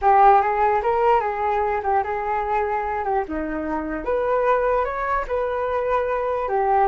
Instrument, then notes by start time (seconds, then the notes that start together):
flute
0.01 G4
0.41 G#4
0.82 A#4
1.20 G#4
1.83 G4
2.03 G#4
3.04 G4
3.27 D#4
4.04 B4
4.84 C#5
5.27 B4
6.48 G4